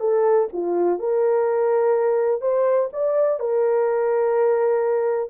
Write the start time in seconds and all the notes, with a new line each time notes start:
0.00 A4
0.53 F4
0.99 A#4
2.41 C5
2.93 D5
3.39 A#4